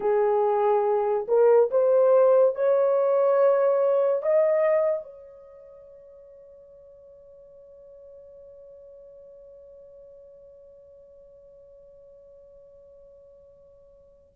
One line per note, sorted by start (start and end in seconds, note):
0.00 1.26 G#4
1.28 1.70 A#4
1.71 2.55 C5
2.55 4.22 C#5
4.22 5.03 D#5
5.03 14.32 C#5